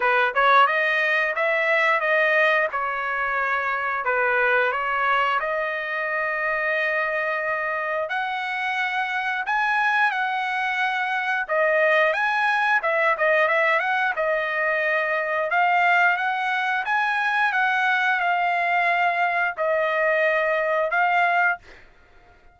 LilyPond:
\new Staff \with { instrumentName = "trumpet" } { \time 4/4 \tempo 4 = 89 b'8 cis''8 dis''4 e''4 dis''4 | cis''2 b'4 cis''4 | dis''1 | fis''2 gis''4 fis''4~ |
fis''4 dis''4 gis''4 e''8 dis''8 | e''8 fis''8 dis''2 f''4 | fis''4 gis''4 fis''4 f''4~ | f''4 dis''2 f''4 | }